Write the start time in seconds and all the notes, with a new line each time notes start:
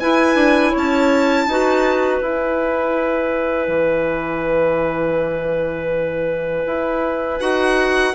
0.00 E4 B4 G#5
0.35 D4
0.71 C#4 C#5
0.78 A5
1.47 D#4 F#4 B4
2.22 E4 G#5
3.68 E3
6.66 E4
7.40 D#4 F#4 F#5